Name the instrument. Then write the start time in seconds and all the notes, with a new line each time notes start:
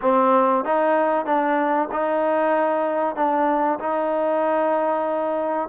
trombone
0.01 C4
0.64 D#4
1.25 D4
1.91 D#4
3.16 D4
3.79 D#4